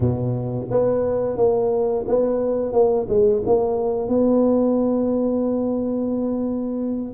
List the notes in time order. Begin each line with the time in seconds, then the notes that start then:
0.00 B2
0.70 B3
1.36 A#3
2.07 B3
2.72 A#3
3.08 G#3
3.46 A#3
4.08 B3